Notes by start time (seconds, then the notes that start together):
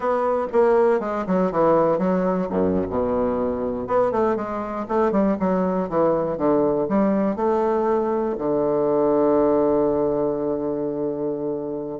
0.00 B3
0.52 A#3
1.00 G#3
1.26 F#3
1.51 E3
1.98 F#3
2.49 F#2
2.89 B2
3.87 B3
4.11 A3
4.35 G#3
4.88 A3
5.11 G3
5.39 F#3
5.89 E3
6.37 D3
6.89 G3
7.36 A3
8.38 D3